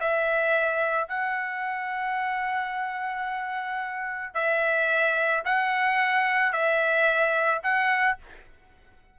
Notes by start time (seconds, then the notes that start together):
0.00 E5
1.08 F#5
4.34 E5
5.44 F#5
6.52 E5
7.63 F#5